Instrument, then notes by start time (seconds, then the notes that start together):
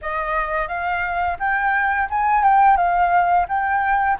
flute
0.01 D#5
0.68 F5
1.39 G5
2.09 G#5
2.43 G5
2.76 F5
3.48 G5